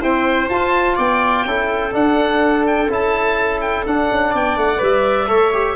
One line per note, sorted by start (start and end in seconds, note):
0.00 0.50 C4
0.00 0.48 E4
0.00 0.95 C5
0.00 0.49 G5
0.49 0.97 F4
0.49 1.47 F4
0.49 0.97 A5
0.95 1.45 B3
0.95 1.43 D5
0.95 1.94 G5
1.45 1.93 C#4
1.45 1.91 E4
1.45 4.30 A4
1.91 2.87 D4
1.91 2.89 D4
1.91 2.66 F#5
2.66 2.90 G5
2.89 3.85 C#4
2.89 3.86 E4
2.89 3.60 A5
3.60 3.85 G5
3.86 4.10 D4
3.86 4.77 D4
3.86 4.34 F#5
4.10 4.33 C#4
4.30 4.56 B3
4.30 5.26 D5
4.30 4.57 G5
4.56 4.80 A3
4.56 4.81 F#5
4.77 5.29 G3
4.77 5.25 B4
4.77 5.76 E5
5.27 5.76 A3
5.27 5.51 A4
5.27 5.76 C#5
5.53 5.76 G4